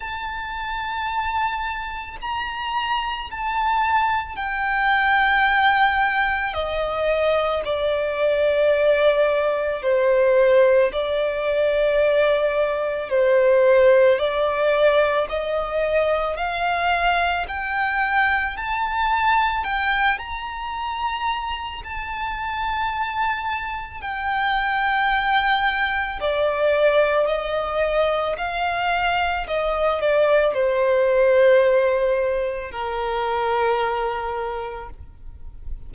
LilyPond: \new Staff \with { instrumentName = "violin" } { \time 4/4 \tempo 4 = 55 a''2 ais''4 a''4 | g''2 dis''4 d''4~ | d''4 c''4 d''2 | c''4 d''4 dis''4 f''4 |
g''4 a''4 g''8 ais''4. | a''2 g''2 | d''4 dis''4 f''4 dis''8 d''8 | c''2 ais'2 | }